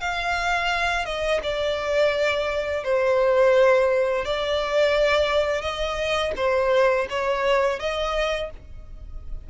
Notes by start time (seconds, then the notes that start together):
0.00 F5
1.05 D#5
1.43 D5
2.84 C5
4.24 D5
5.61 D#5
6.36 C5
7.09 C#5
7.79 D#5